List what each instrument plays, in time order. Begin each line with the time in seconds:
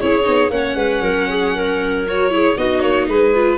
0.00 tuba C#4, viola E4, clarinet G#4, violin C#5
0.23 tuba B3, viola D#4
0.49 tuba A#3, viola C#4, clarinet C#5, violin F#5
0.75 tuba G#3, clarinet B4
1.00 tuba F#3, clarinet A#4
1.29 clarinet G#4
1.54 clarinet A#4
2.07 viola F#4, violin C#5
2.30 viola E4, clarinet G#4
2.57 tuba B3, viola D#4, clarinet F#4, violin D#5
2.80 tuba A#3, violin C#5
3.07 tuba G#3, clarinet G#4, violin B4
3.34 viola F4